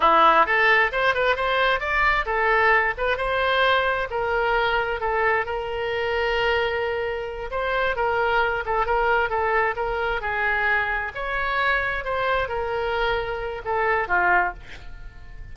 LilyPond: \new Staff \with { instrumentName = "oboe" } { \time 4/4 \tempo 4 = 132 e'4 a'4 c''8 b'8 c''4 | d''4 a'4. b'8 c''4~ | c''4 ais'2 a'4 | ais'1~ |
ais'8 c''4 ais'4. a'8 ais'8~ | ais'8 a'4 ais'4 gis'4.~ | gis'8 cis''2 c''4 ais'8~ | ais'2 a'4 f'4 | }